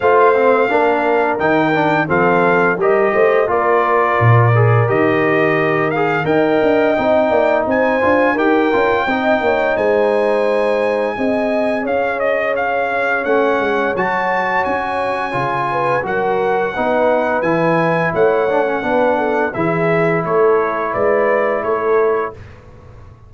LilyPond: <<
  \new Staff \with { instrumentName = "trumpet" } { \time 4/4 \tempo 4 = 86 f''2 g''4 f''4 | dis''4 d''2 dis''4~ | dis''8 f''8 g''2 gis''4 | g''2 gis''2~ |
gis''4 f''8 dis''8 f''4 fis''4 | a''4 gis''2 fis''4~ | fis''4 gis''4 fis''2 | e''4 cis''4 d''4 cis''4 | }
  \new Staff \with { instrumentName = "horn" } { \time 4/4 c''4 ais'2 a'4 | ais'8 c''8 ais'2.~ | ais'4 dis''4. d''8 c''4 | ais'4 dis''8 cis''8 c''2 |
dis''4 cis''2.~ | cis''2~ cis''8 b'8 ais'4 | b'2 cis''4 b'8 a'8 | gis'4 a'4 b'4 a'4 | }
  \new Staff \with { instrumentName = "trombone" } { \time 4/4 f'8 c'8 d'4 dis'8 d'8 c'4 | g'4 f'4. gis'8 g'4~ | g'8 gis'8 ais'4 dis'4. f'8 | g'8 f'8 dis'2. |
gis'2. cis'4 | fis'2 f'4 fis'4 | dis'4 e'4. d'16 cis'16 d'4 | e'1 | }
  \new Staff \with { instrumentName = "tuba" } { \time 4/4 a4 ais4 dis4 f4 | g8 a8 ais4 ais,4 dis4~ | dis4 dis'8 d'8 c'8 ais8 c'8 d'8 | dis'8 cis'8 c'8 ais8 gis2 |
c'4 cis'2 a8 gis8 | fis4 cis'4 cis4 fis4 | b4 e4 a4 b4 | e4 a4 gis4 a4 | }
>>